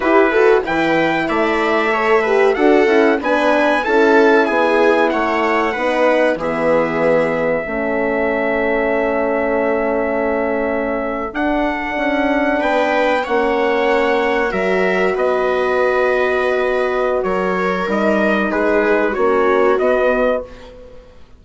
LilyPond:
<<
  \new Staff \with { instrumentName = "trumpet" } { \time 4/4 \tempo 4 = 94 b'4 g''4 e''2 | fis''4 gis''4 a''4 gis''4 | fis''2 e''2~ | e''1~ |
e''4.~ e''16 fis''2 g''16~ | g''8. fis''2 e''4 dis''16~ | dis''2. cis''4 | dis''4 b'4 cis''4 dis''4 | }
  \new Staff \with { instrumentName = "viola" } { \time 4/4 g'8 a'8 b'4 d''4 cis''8 b'8 | a'4 b'4 a'4 gis'4 | cis''4 b'4 gis'2 | a'1~ |
a'2.~ a'8. b'16~ | b'8. cis''2 ais'4 b'16~ | b'2. ais'4~ | ais'4 gis'4 fis'2 | }
  \new Staff \with { instrumentName = "horn" } { \time 4/4 e'8 fis'8 e'2 a'8 g'8 | fis'8 e'8 d'4 e'2~ | e'4 dis'4 b2 | cis'1~ |
cis'4.~ cis'16 d'2~ d'16~ | d'8. cis'2 fis'4~ fis'16~ | fis'1 | dis'2 cis'4 b4 | }
  \new Staff \with { instrumentName = "bassoon" } { \time 4/4 e'4 e4 a2 | d'8 cis'8 b4 cis'4 b4 | a4 b4 e2 | a1~ |
a4.~ a16 d'4 cis'4 b16~ | b8. ais2 fis4 b16~ | b2. fis4 | g4 gis4 ais4 b4 | }
>>